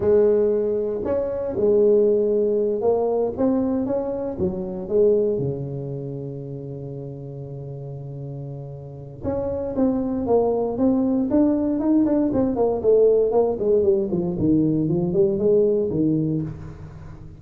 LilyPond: \new Staff \with { instrumentName = "tuba" } { \time 4/4 \tempo 4 = 117 gis2 cis'4 gis4~ | gis4. ais4 c'4 cis'8~ | cis'8 fis4 gis4 cis4.~ | cis1~ |
cis2 cis'4 c'4 | ais4 c'4 d'4 dis'8 d'8 | c'8 ais8 a4 ais8 gis8 g8 f8 | dis4 f8 g8 gis4 dis4 | }